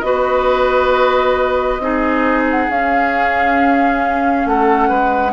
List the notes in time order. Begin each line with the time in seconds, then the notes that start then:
0.00 B3 F#4 B4 D#5
1.79 C4 D#4 G#4
2.50 F#5
2.69 C#4 F5
4.45 A3 A4 F#5
4.88 G#3 B4